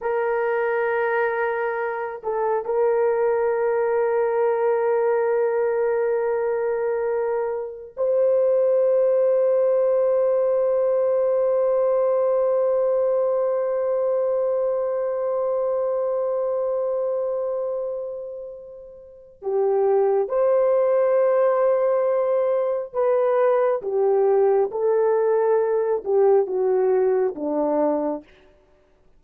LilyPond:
\new Staff \with { instrumentName = "horn" } { \time 4/4 \tempo 4 = 68 ais'2~ ais'8 a'8 ais'4~ | ais'1~ | ais'4 c''2.~ | c''1~ |
c''1~ | c''2 g'4 c''4~ | c''2 b'4 g'4 | a'4. g'8 fis'4 d'4 | }